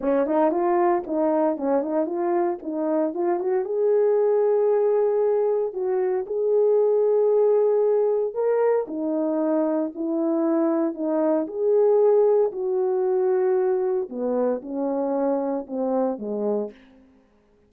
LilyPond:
\new Staff \with { instrumentName = "horn" } { \time 4/4 \tempo 4 = 115 cis'8 dis'8 f'4 dis'4 cis'8 dis'8 | f'4 dis'4 f'8 fis'8 gis'4~ | gis'2. fis'4 | gis'1 |
ais'4 dis'2 e'4~ | e'4 dis'4 gis'2 | fis'2. b4 | cis'2 c'4 gis4 | }